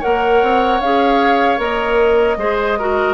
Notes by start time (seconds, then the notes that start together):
0.00 A#3 A#4 C#5 F#5
0.43 C4
0.81 C#4 G#4 F5
1.58 A#3 A#4 D#5
2.37 G#3 G#4 C5
2.79 F#4 A#4